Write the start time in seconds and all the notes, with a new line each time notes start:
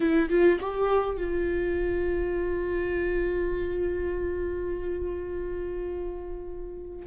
0.00 E4
0.29 F4
0.60 G4
1.17 F4